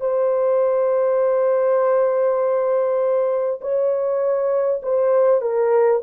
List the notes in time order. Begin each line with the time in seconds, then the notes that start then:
0.00 C5
3.61 C#5
4.82 C5
5.41 A#4